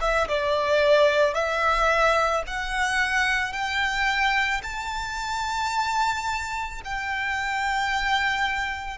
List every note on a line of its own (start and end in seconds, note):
0.00 0.27 E5
0.28 1.34 D5
1.34 2.43 E5
2.46 3.52 F#5
3.52 4.61 G5
4.63 6.81 A5
6.84 8.98 G5